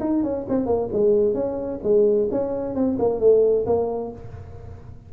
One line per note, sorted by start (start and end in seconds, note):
0.00 0.23 D#4
0.23 0.46 C#4
0.49 0.66 C4
0.66 0.89 A#3
0.92 1.34 G#3
1.34 1.80 C#4
1.83 2.29 G#3
2.31 2.75 C#4
2.75 2.98 C4
2.99 3.20 A#3
3.20 3.65 A3
3.66 4.12 A#3